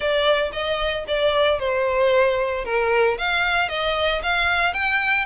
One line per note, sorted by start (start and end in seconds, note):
0.00 0.51 D5
0.52 1.05 D#5
1.07 1.59 D5
1.59 2.64 C5
2.65 3.17 A#4
3.17 3.68 F5
3.68 4.21 D#5
4.22 4.73 F5
4.73 5.25 G5